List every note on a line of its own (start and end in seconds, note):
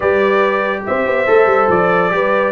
0.00 0.86 G3
0.00 1.26 G4
0.00 0.82 B4
0.00 0.83 D5
0.86 1.06 C4
0.86 2.13 C5
0.86 1.70 E5
1.06 1.27 B3
1.26 1.46 A3
1.26 2.11 A4
1.46 1.67 G3
1.69 2.11 F3
1.69 2.52 D5
2.11 2.52 G3
2.11 2.52 G4
2.11 2.52 B4